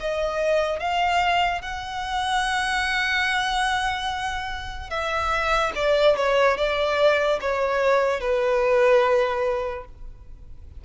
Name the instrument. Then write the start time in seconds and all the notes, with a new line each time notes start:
violin
0.00 D#5
0.80 F5
1.61 F#5
4.90 E5
5.75 D5
6.16 C#5
6.57 D5
7.40 C#5
8.20 B4